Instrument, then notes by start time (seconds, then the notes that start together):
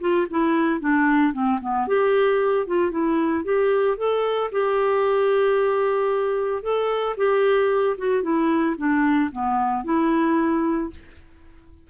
clarinet
0.00 F4
0.30 E4
0.80 D4
1.33 C4
1.61 B3
1.87 G4
2.67 F4
2.91 E4
3.44 G4
3.97 A4
4.52 G4
6.62 A4
7.17 G4
7.97 F#4
8.23 E4
8.77 D4
9.31 B3
9.84 E4